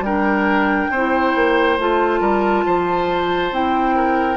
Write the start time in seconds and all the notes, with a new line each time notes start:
0.00 G3 D4 A#4 G5
0.91 C4 E4 C5
1.36 A#3
1.79 A3 F4 A5
2.21 G3 A#4
2.66 F3 C5
3.51 C4 E4 G5
3.96 A#4